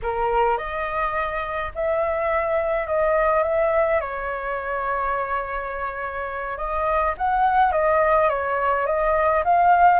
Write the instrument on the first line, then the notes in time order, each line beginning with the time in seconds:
flute
0.02 A#4
0.57 D#5
1.74 E5
2.86 D#5
3.43 E5
4.00 C#5
6.57 D#5
7.17 F#5
7.72 D#5
8.29 C#5
8.86 D#5
9.44 F5